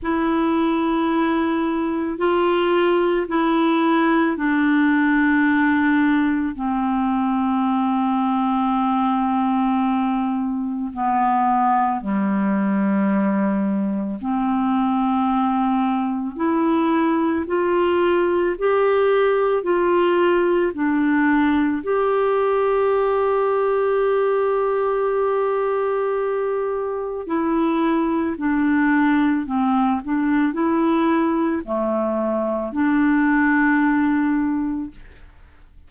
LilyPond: \new Staff \with { instrumentName = "clarinet" } { \time 4/4 \tempo 4 = 55 e'2 f'4 e'4 | d'2 c'2~ | c'2 b4 g4~ | g4 c'2 e'4 |
f'4 g'4 f'4 d'4 | g'1~ | g'4 e'4 d'4 c'8 d'8 | e'4 a4 d'2 | }